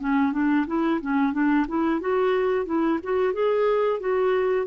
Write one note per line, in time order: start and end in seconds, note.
0.00 0.32 C#4
0.32 0.66 D4
0.67 1.00 E4
1.01 1.33 C#4
1.33 1.66 D4
1.68 2.00 E4
2.00 2.66 F#4
2.66 2.99 E4
3.03 3.33 F#4
3.33 4.00 G#4
4.00 4.66 F#4